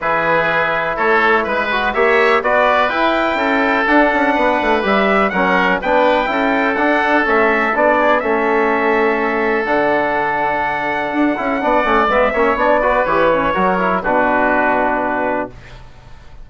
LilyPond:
<<
  \new Staff \with { instrumentName = "trumpet" } { \time 4/4 \tempo 4 = 124 b'2 cis''4 b'4 | e''4 d''4 g''2 | fis''2 e''4 fis''4 | g''2 fis''4 e''4 |
d''4 e''2. | fis''1~ | fis''4 e''4 d''4 cis''4~ | cis''4 b'2. | }
  \new Staff \with { instrumentName = "oboe" } { \time 4/4 gis'2 a'4 b'4 | cis''4 b'2 a'4~ | a'4 b'2 ais'4 | b'4 a'2.~ |
a'8 gis'8 a'2.~ | a'1 | d''4. cis''4 b'4. | ais'4 fis'2. | }
  \new Staff \with { instrumentName = "trombone" } { \time 4/4 e'2.~ e'8 fis'8 | g'4 fis'4 e'2 | d'2 g'4 cis'4 | d'4 e'4 d'4 cis'4 |
d'4 cis'2. | d'2.~ d'8 e'8 | d'8 cis'8 b8 cis'8 d'8 fis'8 g'8 cis'8 | fis'8 e'8 d'2. | }
  \new Staff \with { instrumentName = "bassoon" } { \time 4/4 e2 a4 gis4 | ais4 b4 e'4 cis'4 | d'8 cis'8 b8 a8 g4 fis4 | b4 cis'4 d'4 a4 |
b4 a2. | d2. d'8 cis'8 | b8 a8 gis8 ais8 b4 e4 | fis4 b,2. | }
>>